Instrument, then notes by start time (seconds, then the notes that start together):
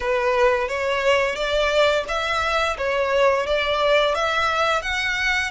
violin
0.00 B4
0.68 C#5
1.35 D5
2.08 E5
2.77 C#5
3.46 D5
4.14 E5
4.82 F#5